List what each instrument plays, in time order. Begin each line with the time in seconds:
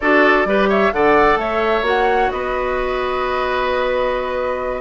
0.00 bassoon D4, clarinet F#4, oboe A4, flute D5
0.45 bassoon G3, clarinet G4, oboe B4
0.69 oboe C#5, flute E5
0.92 bassoon D3, clarinet A4, oboe D5, flute F#5
1.36 bassoon A3, oboe C#5, flute E5
1.81 bassoon A#3, clarinet F#4, flute F#5
2.31 bassoon B3, oboe B4, flute D#5